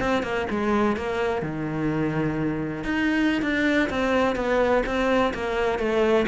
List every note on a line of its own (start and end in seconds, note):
0.00 0.23 C4
0.23 0.47 A#3
0.50 0.97 G#3
0.97 1.42 A#3
1.42 2.84 D#3
2.85 3.42 D#4
3.42 3.89 D4
3.90 4.36 C4
4.36 4.83 B3
4.86 5.33 C4
5.34 5.79 A#3
5.79 6.26 A3